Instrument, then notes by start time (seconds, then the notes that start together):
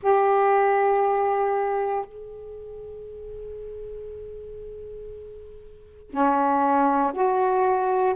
saxophone
0.02 G4
2.05 G#4
6.10 C#4
7.13 F#4